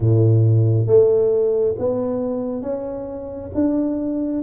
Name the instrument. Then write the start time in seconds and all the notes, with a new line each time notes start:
tuba
0.00 A2
0.86 A3
1.78 B3
2.61 C#4
3.54 D4